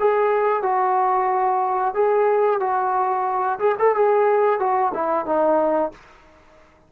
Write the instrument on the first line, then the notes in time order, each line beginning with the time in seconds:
trombone
0.00 G#4
0.63 F#4
1.95 G#4
2.60 F#4
3.59 G#4
3.79 A4
3.96 G#4
4.60 F#4
4.94 E4
5.26 D#4